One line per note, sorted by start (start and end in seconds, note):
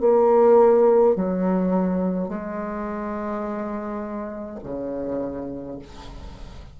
0.00 1.15 A#3
1.15 2.28 F#3
2.28 4.59 G#3
4.63 5.78 C#3